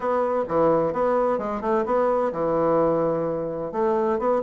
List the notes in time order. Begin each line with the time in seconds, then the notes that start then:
0.00 B3
0.48 E3
0.92 B3
1.38 G#3
1.61 A3
1.85 B3
2.32 E3
3.72 A3
4.19 B3